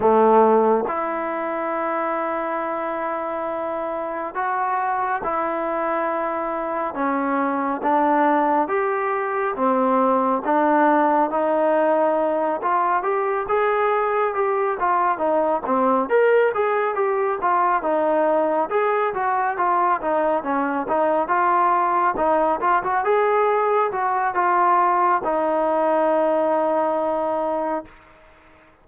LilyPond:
\new Staff \with { instrumentName = "trombone" } { \time 4/4 \tempo 4 = 69 a4 e'2.~ | e'4 fis'4 e'2 | cis'4 d'4 g'4 c'4 | d'4 dis'4. f'8 g'8 gis'8~ |
gis'8 g'8 f'8 dis'8 c'8 ais'8 gis'8 g'8 | f'8 dis'4 gis'8 fis'8 f'8 dis'8 cis'8 | dis'8 f'4 dis'8 f'16 fis'16 gis'4 fis'8 | f'4 dis'2. | }